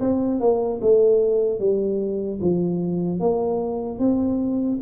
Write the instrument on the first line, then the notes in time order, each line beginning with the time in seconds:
tuba
0.00 C4
0.40 A#3
0.81 A3
1.59 G3
2.41 F3
3.20 A#3
3.99 C4